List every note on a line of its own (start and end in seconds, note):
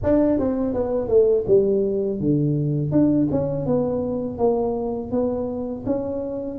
0.03 0.39 D4
0.39 0.73 C4
0.73 1.08 B3
1.08 1.44 A3
1.47 2.20 G3
2.20 2.91 D3
2.91 3.28 D4
3.31 3.66 C#4
3.66 4.37 B3
4.37 5.11 A#3
5.11 5.84 B3
5.86 6.58 C#4